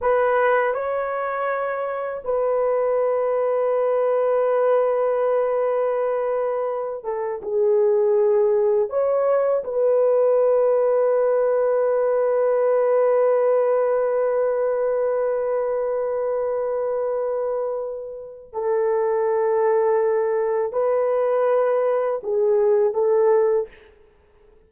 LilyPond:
\new Staff \with { instrumentName = "horn" } { \time 4/4 \tempo 4 = 81 b'4 cis''2 b'4~ | b'1~ | b'4. a'8 gis'2 | cis''4 b'2.~ |
b'1~ | b'1~ | b'4 a'2. | b'2 gis'4 a'4 | }